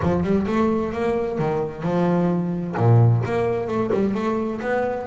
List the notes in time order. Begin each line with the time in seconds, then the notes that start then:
0.02 F3
0.23 G3
0.46 A3
0.92 A#3
1.38 D#3
1.83 F3
2.77 A#2
3.25 A#3
3.67 A3
3.93 G3
4.14 A3
4.61 B3